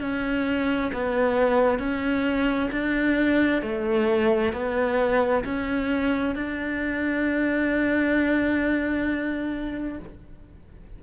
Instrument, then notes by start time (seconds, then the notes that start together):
cello
0.00 C#4
0.93 B3
1.79 C#4
2.71 D4
3.62 A3
4.52 B3
5.44 C#4
6.35 D4